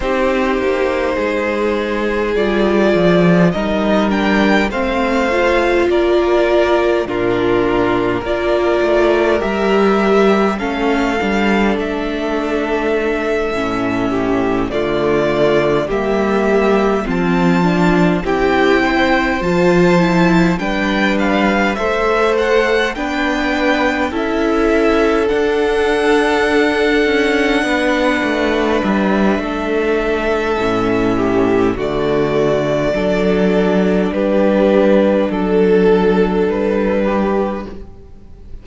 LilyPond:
<<
  \new Staff \with { instrumentName = "violin" } { \time 4/4 \tempo 4 = 51 c''2 d''4 dis''8 g''8 | f''4 d''4 ais'4 d''4 | e''4 f''4 e''2~ | e''8 d''4 e''4 a''4 g''8~ |
g''8 a''4 g''8 f''8 e''8 fis''8 g''8~ | g''8 e''4 fis''2~ fis''8~ | fis''8 e''2~ e''8 d''4~ | d''4 b'4 a'4 b'4 | }
  \new Staff \with { instrumentName = "violin" } { \time 4/4 g'4 gis'2 ais'4 | c''4 ais'4 f'4 ais'4~ | ais'4 a'2. | g'8 f'4 g'4 f'4 g'8 |
c''4. b'4 c''4 b'8~ | b'8 a'2. b'8~ | b'4 a'4. g'8 fis'4 | a'4 g'4 a'4. g'8 | }
  \new Staff \with { instrumentName = "viola" } { \time 4/4 dis'2 f'4 dis'8 d'8 | c'8 f'4. d'4 f'4 | g'4 cis'8 d'2 cis'8~ | cis'8 a4 ais4 c'8 d'8 e'8~ |
e'8 f'8 e'8 d'4 a'4 d'8~ | d'8 e'4 d'2~ d'8~ | d'2 cis'4 a4 | d'1 | }
  \new Staff \with { instrumentName = "cello" } { \time 4/4 c'8 ais8 gis4 g8 f8 g4 | a4 ais4 ais,4 ais8 a8 | g4 a8 g8 a4. a,8~ | a,8 d4 g4 f4 c'8~ |
c'8 f4 g4 a4 b8~ | b8 cis'4 d'4. cis'8 b8 | a8 g8 a4 a,4 d4 | fis4 g4 fis4 g4 | }
>>